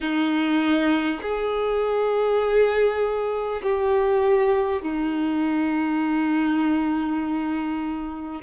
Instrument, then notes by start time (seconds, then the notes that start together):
violin
0.01 D#4
1.22 G#4
3.63 G4
4.82 D#4